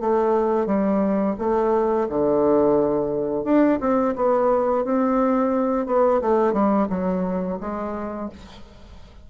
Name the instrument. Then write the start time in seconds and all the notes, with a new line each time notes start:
bassoon
0.00 A3
0.66 G3
1.38 A3
2.08 D3
3.44 D4
3.80 C4
4.16 B3
4.84 C4
5.86 B3
6.21 A3
6.52 G3
6.89 F#3
7.60 G#3